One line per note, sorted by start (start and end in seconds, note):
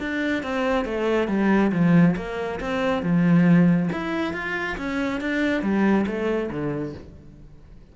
0.00 0.43 D4
0.43 0.85 C4
0.85 1.28 A3
1.28 1.71 G3
1.72 2.16 F3
2.16 2.60 A#3
2.60 3.03 C4
3.03 3.90 F3
3.92 4.34 E4
4.34 4.77 F4
4.77 5.21 C#4
5.21 5.62 D4
5.62 6.06 G3
6.07 6.50 A3
6.51 6.94 D3